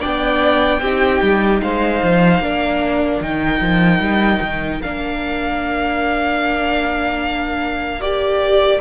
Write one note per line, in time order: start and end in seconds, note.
0.00 0.81 B3
0.00 0.80 D4
0.00 0.80 D5
0.00 1.61 G5
0.81 1.21 C4
0.81 2.43 D#4
0.81 1.62 G4
1.22 1.62 G3
1.62 2.02 G#3
1.62 2.42 C5
1.62 3.22 F5
2.03 2.40 F3
2.40 3.20 A#3
2.40 3.22 D4
2.40 8.81 A#4
3.20 3.60 D#3
3.20 4.82 D#4
3.20 4.82 G5
3.61 4.00 F3
4.00 4.40 G3
4.41 4.81 D#3
4.82 8.81 A#3
4.82 8.00 D4
4.82 8.01 F5
8.00 8.80 G4
8.00 8.81 D5